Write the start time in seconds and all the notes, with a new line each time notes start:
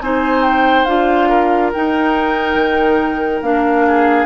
0.00 C4 D#4 C5 G#5
0.43 G5
0.85 D4 F4 F5
1.29 A#4
1.73 D#4 G5
2.55 D#3
3.42 A#3 D4 F5
3.87 G#4